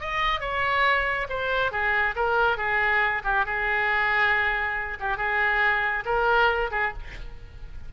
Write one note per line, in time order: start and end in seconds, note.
0.00 0.40 D#5
0.40 1.27 C#5
1.29 1.71 C5
1.71 2.15 G#4
2.15 2.57 A#4
2.57 3.22 G#4
3.24 3.45 G4
3.45 4.98 G#4
5.00 5.17 G4
5.17 6.04 G#4
6.05 6.70 A#4
6.71 6.93 G#4